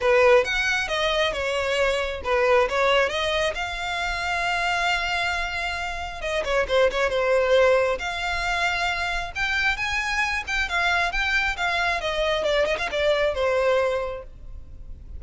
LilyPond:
\new Staff \with { instrumentName = "violin" } { \time 4/4 \tempo 4 = 135 b'4 fis''4 dis''4 cis''4~ | cis''4 b'4 cis''4 dis''4 | f''1~ | f''2 dis''8 cis''8 c''8 cis''8 |
c''2 f''2~ | f''4 g''4 gis''4. g''8 | f''4 g''4 f''4 dis''4 | d''8 dis''16 f''16 d''4 c''2 | }